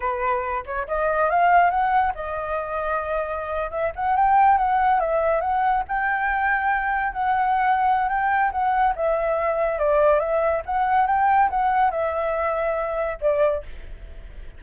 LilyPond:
\new Staff \with { instrumentName = "flute" } { \time 4/4 \tempo 4 = 141 b'4. cis''8 dis''4 f''4 | fis''4 dis''2.~ | dis''8. e''8 fis''8 g''4 fis''4 e''16~ | e''8. fis''4 g''2~ g''16~ |
g''8. fis''2~ fis''16 g''4 | fis''4 e''2 d''4 | e''4 fis''4 g''4 fis''4 | e''2. d''4 | }